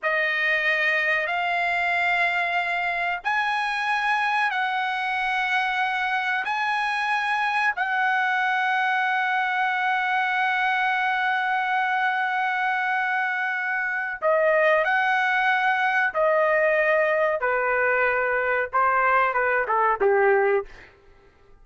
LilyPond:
\new Staff \with { instrumentName = "trumpet" } { \time 4/4 \tempo 4 = 93 dis''2 f''2~ | f''4 gis''2 fis''4~ | fis''2 gis''2 | fis''1~ |
fis''1~ | fis''2 dis''4 fis''4~ | fis''4 dis''2 b'4~ | b'4 c''4 b'8 a'8 g'4 | }